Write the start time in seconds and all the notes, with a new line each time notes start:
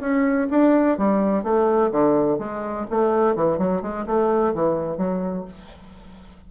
0.00 C#4
0.50 D4
0.98 G3
1.43 A3
1.91 D3
2.38 G#3
2.90 A3
3.35 E3
3.58 F#3
3.82 G#3
4.06 A3
4.53 E3
4.97 F#3